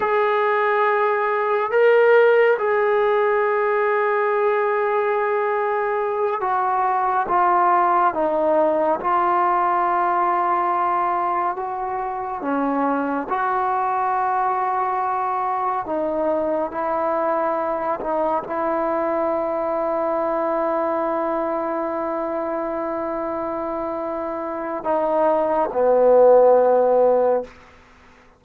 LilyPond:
\new Staff \with { instrumentName = "trombone" } { \time 4/4 \tempo 4 = 70 gis'2 ais'4 gis'4~ | gis'2.~ gis'8 fis'8~ | fis'8 f'4 dis'4 f'4.~ | f'4. fis'4 cis'4 fis'8~ |
fis'2~ fis'8 dis'4 e'8~ | e'4 dis'8 e'2~ e'8~ | e'1~ | e'4 dis'4 b2 | }